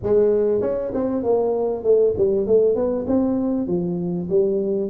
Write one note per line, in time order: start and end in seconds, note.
0.03 0.61 G#3
0.61 0.92 C#4
0.94 1.23 C4
1.23 1.83 A#3
1.83 2.14 A3
2.17 2.46 G3
2.46 2.75 A3
2.75 3.05 B3
3.07 3.67 C4
3.67 4.28 F3
4.29 4.90 G3